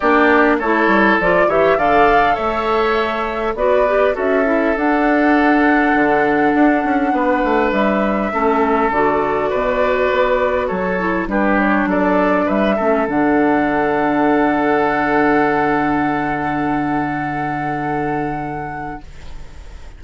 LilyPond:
<<
  \new Staff \with { instrumentName = "flute" } { \time 4/4 \tempo 4 = 101 d''4 cis''4 d''8 e''8 f''4 | e''2 d''4 e''4 | fis''1~ | fis''4 e''2 d''4~ |
d''2 cis''4 b'8 cis''8 | d''4 e''4 fis''2~ | fis''1~ | fis''1 | }
  \new Staff \with { instrumentName = "oboe" } { \time 4/4 g'4 a'4. cis''8 d''4 | cis''2 b'4 a'4~ | a'1 | b'2 a'2 |
b'2 a'4 g'4 | a'4 b'8 a'2~ a'8~ | a'1~ | a'1 | }
  \new Staff \with { instrumentName = "clarinet" } { \time 4/4 d'4 e'4 f'8 g'8 a'4~ | a'2 fis'8 g'8 fis'8 e'8 | d'1~ | d'2 cis'4 fis'4~ |
fis'2~ fis'8 e'8 d'4~ | d'4. cis'8 d'2~ | d'1~ | d'1 | }
  \new Staff \with { instrumentName = "bassoon" } { \time 4/4 ais4 a8 g8 f8 e8 d4 | a2 b4 cis'4 | d'2 d4 d'8 cis'8 | b8 a8 g4 a4 d4 |
b,4 b4 fis4 g4 | fis4 g8 a8 d2~ | d1~ | d1 | }
>>